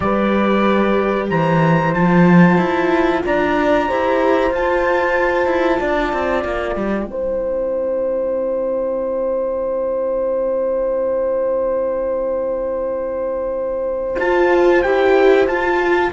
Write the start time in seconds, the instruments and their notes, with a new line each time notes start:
0.00 cello G3, viola G4, horn B4, trumpet D5
1.29 cello E3, horn C5, trumpet A#5
1.94 cello F3, viola F4, trumpet A5
2.57 cello E4
3.25 cello D4, horn D5, trumpet A#5
3.87 cello E4, viola G4, horn C5
4.49 cello F4, viola F4, trumpet A5
5.46 cello E4
5.80 cello D4, horn D5
6.12 cello C4
6.44 cello A#3, trumpet G5
6.75 cello G3
7.06 cello C4, viola E4, horn C5
14.19 cello F4, viola F4, trumpet A5
14.82 cello E4, viola G4, trumpet G5
15.47 cello F4, viola F4, trumpet A5